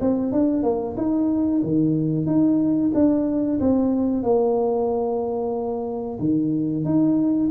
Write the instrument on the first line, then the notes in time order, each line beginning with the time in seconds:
tuba
0.00 C4
0.32 D4
0.63 A#3
0.96 D#4
1.62 D#3
2.26 D#4
2.94 D4
3.60 C4
4.23 A#3
6.19 D#3
6.84 D#4